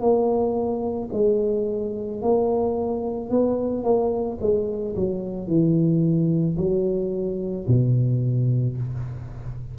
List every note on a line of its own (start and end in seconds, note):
0.00 1.09 A#3
1.13 2.21 G#3
2.21 3.30 A#3
3.30 3.83 B3
3.83 4.38 A#3
4.41 4.95 G#3
4.95 5.47 F#3
5.47 6.57 E3
6.57 7.66 F#3
7.68 8.77 B2